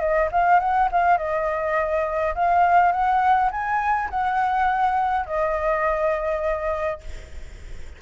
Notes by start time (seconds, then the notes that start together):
0.00 D#5
0.32 F5
0.60 F#5
0.92 F5
1.18 D#5
2.35 F5
2.92 F#5
3.52 G#5
4.11 F#5
5.26 D#5